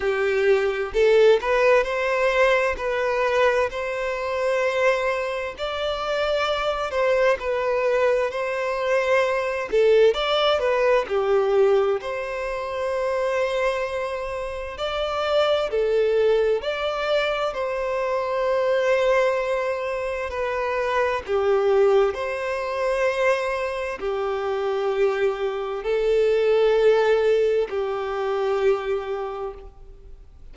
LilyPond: \new Staff \with { instrumentName = "violin" } { \time 4/4 \tempo 4 = 65 g'4 a'8 b'8 c''4 b'4 | c''2 d''4. c''8 | b'4 c''4. a'8 d''8 b'8 | g'4 c''2. |
d''4 a'4 d''4 c''4~ | c''2 b'4 g'4 | c''2 g'2 | a'2 g'2 | }